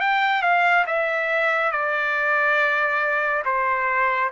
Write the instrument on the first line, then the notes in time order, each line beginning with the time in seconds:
trumpet
0.00 G5
0.42 F5
0.86 E5
1.71 D5
3.45 C5